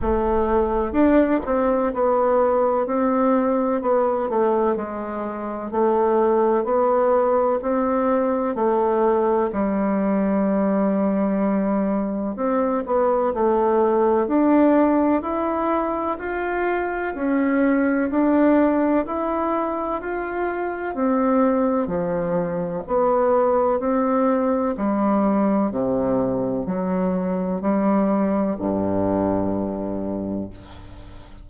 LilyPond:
\new Staff \with { instrumentName = "bassoon" } { \time 4/4 \tempo 4 = 63 a4 d'8 c'8 b4 c'4 | b8 a8 gis4 a4 b4 | c'4 a4 g2~ | g4 c'8 b8 a4 d'4 |
e'4 f'4 cis'4 d'4 | e'4 f'4 c'4 f4 | b4 c'4 g4 c4 | fis4 g4 g,2 | }